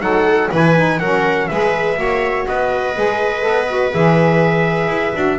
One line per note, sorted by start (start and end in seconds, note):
0.00 0.49 F#3
0.00 0.49 D#4
0.00 0.51 A4
0.00 0.50 F#5
0.51 1.00 E3
0.51 0.76 E4
0.51 0.99 B4
0.51 0.99 G#5
0.76 1.00 D#4
0.99 1.49 F#3
0.99 1.51 C#4
0.99 1.49 A#4
0.99 1.48 F#5
1.48 1.97 G#3
1.48 1.96 G#4
1.48 2.00 B4
1.48 2.45 E5
1.96 2.46 A#3
1.96 2.93 F#4
1.96 2.48 C#5
2.47 2.96 B3
2.47 5.39 B4
2.47 3.94 D#5
2.96 3.45 G#3
2.96 3.40 G#4
3.40 3.94 B3
3.40 3.65 A4
3.67 3.92 F#4
3.93 4.87 E3
3.93 5.14 G#4
3.93 5.39 E5
4.87 5.12 E4
5.14 5.39 D4
5.14 5.39 F#4